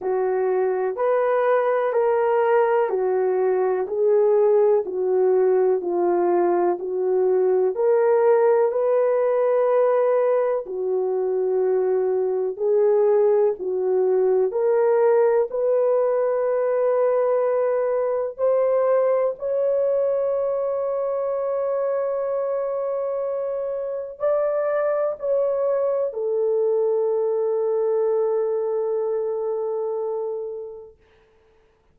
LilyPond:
\new Staff \with { instrumentName = "horn" } { \time 4/4 \tempo 4 = 62 fis'4 b'4 ais'4 fis'4 | gis'4 fis'4 f'4 fis'4 | ais'4 b'2 fis'4~ | fis'4 gis'4 fis'4 ais'4 |
b'2. c''4 | cis''1~ | cis''4 d''4 cis''4 a'4~ | a'1 | }